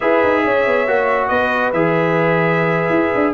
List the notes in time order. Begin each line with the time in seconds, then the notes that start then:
0.00 E4 G#4 B4 E5
0.23 D#4
0.44 C#4 C#5
0.66 B3
0.87 A#3 F#4
1.27 B3 B4 D#5
1.72 E3 G#4 E5
2.89 E4
3.15 D4